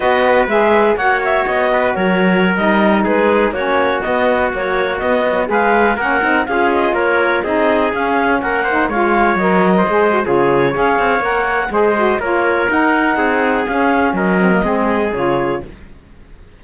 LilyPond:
<<
  \new Staff \with { instrumentName = "clarinet" } { \time 4/4 \tempo 4 = 123 dis''4 e''4 fis''8 e''8 dis''4 | cis''4~ cis''16 dis''4 b'4 cis''8.~ | cis''16 dis''4 cis''4 dis''4 f''8.~ | f''16 fis''4 f''8 dis''8 cis''4 dis''8.~ |
dis''16 f''4 fis''4 f''4 dis''8.~ | dis''4 cis''4 f''4 fis''4 | dis''4 cis''4 fis''2 | f''4 dis''2 cis''4 | }
  \new Staff \with { instrumentName = "trumpet" } { \time 4/4 b'2 cis''4. b'8 | ais'2~ ais'16 gis'4 fis'8.~ | fis'2.~ fis'16 b'8.~ | b'16 ais'4 gis'4 ais'4 gis'8.~ |
gis'4~ gis'16 ais'8 c''8 cis''4.~ cis''16 | c''4 gis'4 cis''2 | c''4 ais'2 gis'4~ | gis'4 ais'4 gis'2 | }
  \new Staff \with { instrumentName = "saxophone" } { \time 4/4 fis'4 gis'4 fis'2~ | fis'4~ fis'16 dis'2 cis'8.~ | cis'16 b4 fis4 b8 fis8 gis'8.~ | gis'16 cis'8 dis'8 f'2 dis'8.~ |
dis'16 cis'4. dis'8 f'4 ais'8.~ | ais'16 gis'8 fis'16 f'4 gis'4 ais'4 | gis'8 fis'8 f'4 dis'2 | cis'4. c'16 ais16 c'4 f'4 | }
  \new Staff \with { instrumentName = "cello" } { \time 4/4 b4 gis4 ais4 b4 | fis4~ fis16 g4 gis4 ais8.~ | ais16 b4 ais4 b4 gis8.~ | gis16 ais8 c'8 cis'4 ais4 c'8.~ |
c'16 cis'4 ais4 gis4 fis8.~ | fis16 gis8. cis4 cis'8 c'8 ais4 | gis4 ais4 dis'4 c'4 | cis'4 fis4 gis4 cis4 | }
>>